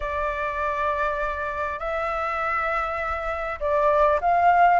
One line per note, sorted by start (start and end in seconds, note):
0.00 1.79 D5
1.79 3.59 E5
3.59 4.19 D5
4.20 4.79 F5